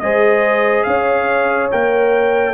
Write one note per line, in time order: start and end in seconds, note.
0.00 0.86 G#3
0.00 1.71 G#4
0.00 0.87 C5
0.00 0.83 D#5
0.83 1.71 C#4
0.83 2.54 C#5
0.83 1.68 F5
1.71 2.54 A#3
1.71 2.54 A#4
1.71 2.54 G5